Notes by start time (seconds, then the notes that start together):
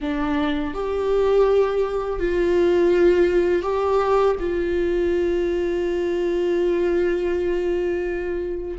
0.00 D4
0.74 G4
2.20 F4
3.62 G4
4.39 F4